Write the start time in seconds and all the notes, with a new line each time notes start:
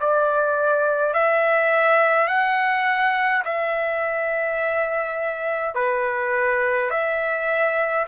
0.00 D5
1.14 E5
2.28 F#5
3.45 E5
5.75 B4
6.91 E5